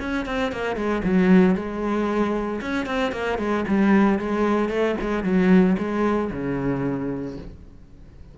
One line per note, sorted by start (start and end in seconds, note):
0.00 0.26 C#4
0.26 0.52 C4
0.52 0.76 A#3
0.76 1.02 G#3
1.04 1.56 F#3
1.56 2.61 G#3
2.61 2.86 C#4
2.86 3.12 C4
3.12 3.39 A#3
3.39 3.65 G#3
3.68 4.19 G3
4.19 4.70 G#3
4.70 4.96 A3
5.01 5.24 G#3
5.24 5.77 F#3
5.79 6.31 G#3
6.33 7.38 C#3